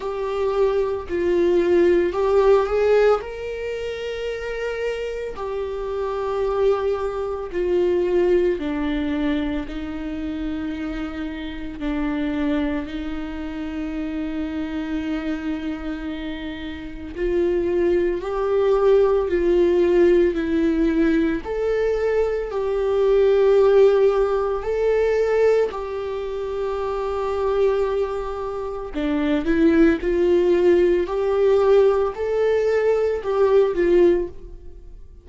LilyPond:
\new Staff \with { instrumentName = "viola" } { \time 4/4 \tempo 4 = 56 g'4 f'4 g'8 gis'8 ais'4~ | ais'4 g'2 f'4 | d'4 dis'2 d'4 | dis'1 |
f'4 g'4 f'4 e'4 | a'4 g'2 a'4 | g'2. d'8 e'8 | f'4 g'4 a'4 g'8 f'8 | }